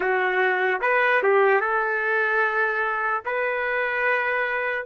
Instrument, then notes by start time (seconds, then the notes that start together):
trumpet
0.00 F#4
0.81 B4
1.22 G4
1.60 A4
3.25 B4